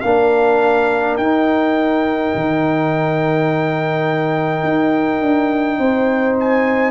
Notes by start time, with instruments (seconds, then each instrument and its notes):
0.00 tuba A#3, trombone D4, horn A#4, trumpet F5
1.17 tuba D#4, trombone D#4, trumpet G5
2.34 tuba D#3
4.63 tuba D#4
5.20 tuba D4
5.78 tuba C4, horn C5
6.39 trumpet G#5